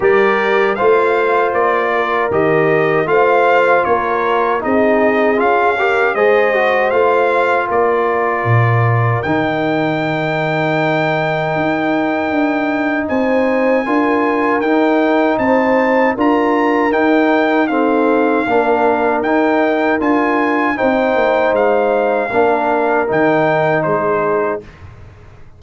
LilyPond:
<<
  \new Staff \with { instrumentName = "trumpet" } { \time 4/4 \tempo 4 = 78 d''4 f''4 d''4 dis''4 | f''4 cis''4 dis''4 f''4 | dis''4 f''4 d''2 | g''1~ |
g''4 gis''2 g''4 | a''4 ais''4 g''4 f''4~ | f''4 g''4 gis''4 g''4 | f''2 g''4 c''4 | }
  \new Staff \with { instrumentName = "horn" } { \time 4/4 ais'4 c''4. ais'4. | c''4 ais'4 gis'4. ais'8 | c''2 ais'2~ | ais'1~ |
ais'4 c''4 ais'2 | c''4 ais'2 a'4 | ais'2. c''4~ | c''4 ais'2 gis'4 | }
  \new Staff \with { instrumentName = "trombone" } { \time 4/4 g'4 f'2 g'4 | f'2 dis'4 f'8 g'8 | gis'8 fis'8 f'2. | dis'1~ |
dis'2 f'4 dis'4~ | dis'4 f'4 dis'4 c'4 | d'4 dis'4 f'4 dis'4~ | dis'4 d'4 dis'2 | }
  \new Staff \with { instrumentName = "tuba" } { \time 4/4 g4 a4 ais4 dis4 | a4 ais4 c'4 cis'4 | gis4 a4 ais4 ais,4 | dis2. dis'4 |
d'4 c'4 d'4 dis'4 | c'4 d'4 dis'2 | ais4 dis'4 d'4 c'8 ais8 | gis4 ais4 dis4 gis4 | }
>>